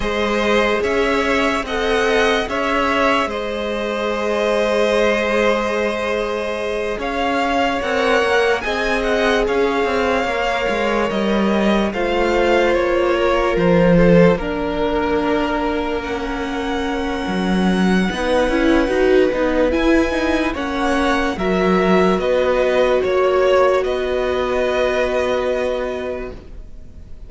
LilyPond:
<<
  \new Staff \with { instrumentName = "violin" } { \time 4/4 \tempo 4 = 73 dis''4 e''4 fis''4 e''4 | dis''1~ | dis''8 f''4 fis''4 gis''8 fis''8 f''8~ | f''4. dis''4 f''4 cis''8~ |
cis''8 c''4 ais'2 fis''8~ | fis''1 | gis''4 fis''4 e''4 dis''4 | cis''4 dis''2. | }
  \new Staff \with { instrumentName = "violin" } { \time 4/4 c''4 cis''4 dis''4 cis''4 | c''1~ | c''8 cis''2 dis''4 cis''8~ | cis''2~ cis''8 c''4. |
ais'4 a'8 ais'2~ ais'8~ | ais'2 b'2~ | b'4 cis''4 ais'4 b'4 | cis''4 b'2. | }
  \new Staff \with { instrumentName = "viola" } { \time 4/4 gis'2 a'4 gis'4~ | gis'1~ | gis'4. ais'4 gis'4.~ | gis'8 ais'2 f'4.~ |
f'4. d'2 cis'8~ | cis'2 dis'8 e'8 fis'8 dis'8 | e'8 dis'8 cis'4 fis'2~ | fis'1 | }
  \new Staff \with { instrumentName = "cello" } { \time 4/4 gis4 cis'4 c'4 cis'4 | gis1~ | gis8 cis'4 c'8 ais8 c'4 cis'8 | c'8 ais8 gis8 g4 a4 ais8~ |
ais8 f4 ais2~ ais8~ | ais4 fis4 b8 cis'8 dis'8 b8 | e'4 ais4 fis4 b4 | ais4 b2. | }
>>